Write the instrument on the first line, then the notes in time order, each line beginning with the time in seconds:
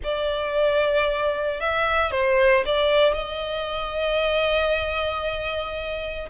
violin
0.03 D5
1.60 E5
2.11 C5
2.65 D5
3.13 D#5